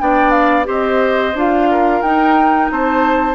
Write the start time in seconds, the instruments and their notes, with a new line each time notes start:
0.00 bassoon B3, clarinet D4, oboe D5, flute G5
0.31 flute F5
0.65 bassoon C4, clarinet G4, oboe C5, flute D#5
1.34 bassoon D4, clarinet F4, flute F5
1.71 oboe A#4
2.02 bassoon D#4, clarinet D#4, flute G5
2.71 bassoon C4, oboe C5, flute A5